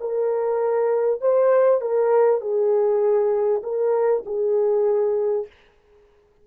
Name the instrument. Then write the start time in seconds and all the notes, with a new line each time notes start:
horn
0.00 A#4
1.21 C5
1.81 A#4
2.41 G#4
3.63 A#4
4.26 G#4